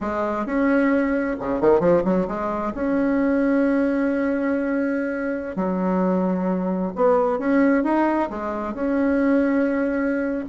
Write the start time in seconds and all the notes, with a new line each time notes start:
0.01 G#3
0.45 C#4
1.39 C#3
1.60 D#3
1.80 F3
2.04 F#3
2.27 G#3
2.74 C#4
5.56 F#3
6.95 B3
7.38 C#4
7.83 D#4
8.30 G#3
8.74 C#4